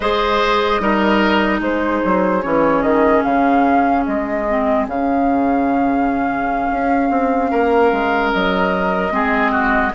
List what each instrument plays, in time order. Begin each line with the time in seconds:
0.00 bassoon G#3, clarinet G#4, oboe C5, flute D#5
0.80 bassoon G3, clarinet D#4, oboe A#4
1.60 bassoon G#3, oboe G#4, flute C5
2.05 bassoon F#3
2.42 bassoon E3, clarinet C#4, flute C#5
2.81 bassoon D#3, flute D#5
3.23 bassoon C#3, flute F5
4.05 bassoon G#3, flute D#5
4.48 clarinet C4
4.87 bassoon C#3, clarinet C#4, flute F5
6.71 bassoon C#4
7.10 bassoon C4
7.51 bassoon A#3, oboe A#4
7.92 bassoon G#3
8.31 bassoon F#3, flute D#5
9.10 bassoon G#3, clarinet C4, oboe G#4
9.51 oboe F#4